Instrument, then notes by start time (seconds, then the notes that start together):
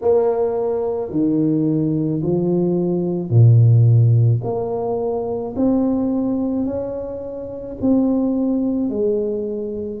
tuba
0.01 A#3
1.11 D#3
2.22 F3
3.30 A#2
4.43 A#3
5.56 C4
6.65 C#4
7.81 C4
8.89 G#3